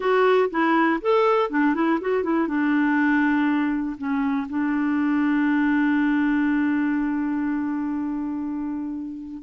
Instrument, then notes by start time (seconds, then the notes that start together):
clarinet
0.00 F#4
0.50 E4
1.01 A4
1.50 D4
1.74 E4
2.00 F#4
2.23 E4
2.47 D4
3.97 C#4
4.49 D4